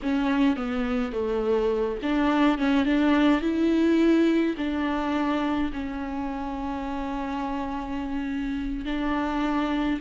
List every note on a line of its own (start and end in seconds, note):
0.02 0.56 C#4
0.56 1.12 B3
1.12 1.98 A3
2.02 2.57 D4
2.57 2.85 C#4
2.85 3.41 D4
3.41 4.55 E4
4.57 5.71 D4
5.72 8.85 C#4
8.85 9.99 D4